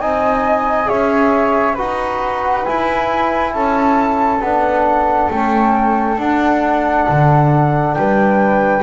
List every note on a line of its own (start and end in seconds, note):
0.00 0.89 C4
0.00 0.86 D#4
0.00 0.89 D#5
0.00 0.88 G#5
0.86 1.78 C#4
0.86 1.74 G#4
0.86 1.75 C#5
0.86 1.77 E5
1.75 2.66 D#4
1.75 2.64 F#4
1.75 3.51 B4
1.75 2.66 F#5
2.64 4.41 E4
2.64 3.54 E4
2.64 3.53 G#5
3.53 4.41 C#4
3.53 7.96 A4
3.53 4.41 A5
4.41 5.29 B3
4.41 5.32 D4
4.41 5.30 F#5
5.30 6.18 A3
5.30 6.18 C#4
5.30 6.19 G5
6.18 7.07 D4
6.18 8.83 D4
6.18 7.95 F#5
7.09 7.97 D3
7.95 8.83 G3
7.95 8.83 B4
7.95 8.83 G5